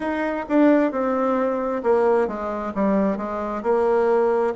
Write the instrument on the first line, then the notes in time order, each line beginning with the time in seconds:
bassoon
0.00 D#4
0.48 D4
0.91 C4
1.83 A#3
2.27 G#3
2.74 G3
3.17 G#3
3.62 A#3